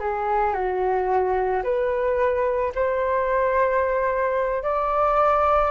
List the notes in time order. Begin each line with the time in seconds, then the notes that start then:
0.00 G#4
0.54 F#4
1.64 B4
2.75 C5
4.64 D5